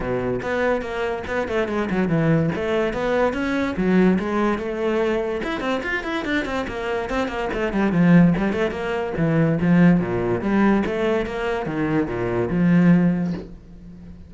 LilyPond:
\new Staff \with { instrumentName = "cello" } { \time 4/4 \tempo 4 = 144 b,4 b4 ais4 b8 a8 | gis8 fis8 e4 a4 b4 | cis'4 fis4 gis4 a4~ | a4 e'8 c'8 f'8 e'8 d'8 c'8 |
ais4 c'8 ais8 a8 g8 f4 | g8 a8 ais4 e4 f4 | ais,4 g4 a4 ais4 | dis4 ais,4 f2 | }